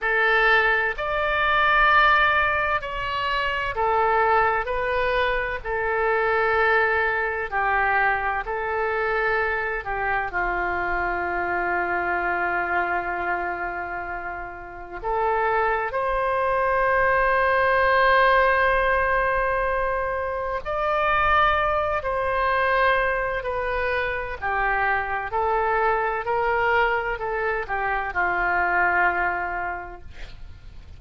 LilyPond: \new Staff \with { instrumentName = "oboe" } { \time 4/4 \tempo 4 = 64 a'4 d''2 cis''4 | a'4 b'4 a'2 | g'4 a'4. g'8 f'4~ | f'1 |
a'4 c''2.~ | c''2 d''4. c''8~ | c''4 b'4 g'4 a'4 | ais'4 a'8 g'8 f'2 | }